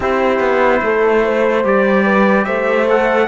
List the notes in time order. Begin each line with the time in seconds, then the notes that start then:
0.00 C4 E4 G4 C5
0.39 B3
0.82 A3 A4
1.24 C5
1.63 G3 G4 D5
2.04 B4
2.45 A3 C5 E5
2.88 A4 F#5